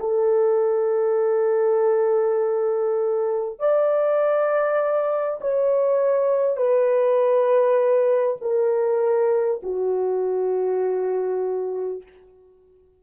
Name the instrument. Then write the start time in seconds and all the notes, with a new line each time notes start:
horn
0.00 A4
3.59 D5
5.41 C#5
6.57 B4
8.42 A#4
9.63 F#4